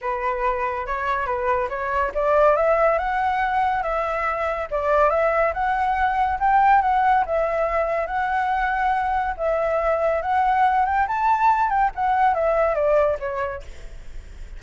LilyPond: \new Staff \with { instrumentName = "flute" } { \time 4/4 \tempo 4 = 141 b'2 cis''4 b'4 | cis''4 d''4 e''4 fis''4~ | fis''4 e''2 d''4 | e''4 fis''2 g''4 |
fis''4 e''2 fis''4~ | fis''2 e''2 | fis''4. g''8 a''4. g''8 | fis''4 e''4 d''4 cis''4 | }